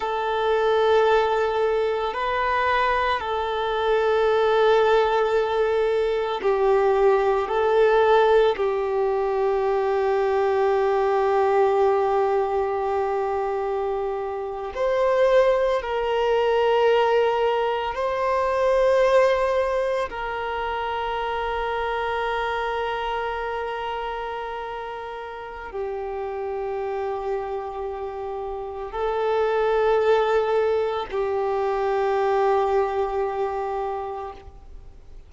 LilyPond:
\new Staff \with { instrumentName = "violin" } { \time 4/4 \tempo 4 = 56 a'2 b'4 a'4~ | a'2 g'4 a'4 | g'1~ | g'4.~ g'16 c''4 ais'4~ ais'16~ |
ais'8. c''2 ais'4~ ais'16~ | ais'1 | g'2. a'4~ | a'4 g'2. | }